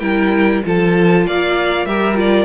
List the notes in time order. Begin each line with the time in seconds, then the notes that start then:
0.00 G3 E4 A#4 G5
0.66 F3 F4 A4 A5
1.27 A#3 D5 F5
1.86 G3 G4 A#4 E5
2.16 F4 D5